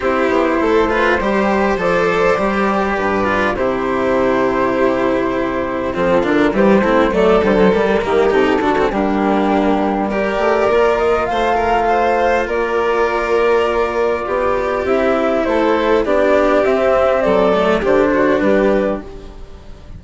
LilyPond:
<<
  \new Staff \with { instrumentName = "flute" } { \time 4/4 \tempo 4 = 101 c''2. d''4~ | d''2 c''2~ | c''2 a'8 ais'8 c''4 | d''8 c''8 ais'4 a'4 g'4~ |
g'4 d''4. dis''8 f''4~ | f''4 d''2.~ | d''4 e''4 c''4 d''4 | e''4 d''4 c''4 b'4 | }
  \new Staff \with { instrumentName = "violin" } { \time 4/4 g'4 a'8 b'8 c''2~ | c''4 b'4 g'2~ | g'2 f'4 g'8 e'8 | a'4. g'4 fis'8 d'4~ |
d'4 ais'2 c''8 ais'8 | c''4 ais'2. | g'2 a'4 g'4~ | g'4 a'4 g'8 fis'8 g'4 | }
  \new Staff \with { instrumentName = "cello" } { \time 4/4 e'4. f'8 g'4 a'4 | g'4. f'8 e'2~ | e'2 c'8 d'8 g8 c'8 | a8 g16 fis16 g8 ais8 dis'8 d'16 c'16 ais4~ |
ais4 g'4 f'2~ | f'1~ | f'4 e'2 d'4 | c'4. a8 d'2 | }
  \new Staff \with { instrumentName = "bassoon" } { \time 4/4 c'8 b8 a4 g4 f4 | g4 g,4 c2~ | c2 f8 d8 e8 a8 | fis8 d8 g8 dis8 c8 d8 g4~ |
g4. a8 ais4 a4~ | a4 ais2. | b4 c'4 a4 b4 | c'4 fis4 d4 g4 | }
>>